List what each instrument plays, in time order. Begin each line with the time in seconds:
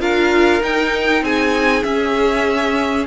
0.00 cello D4, viola F4, violin A#4 F5
0.61 viola D#4, cello D#4, violin G5
1.22 cello C4, violin G#4 G#5
1.83 viola C#4, cello C#4, violin E5